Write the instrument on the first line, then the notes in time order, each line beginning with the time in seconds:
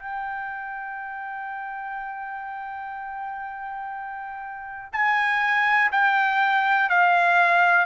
trumpet
0.00 G5
4.93 G#5
5.92 G5
6.89 F5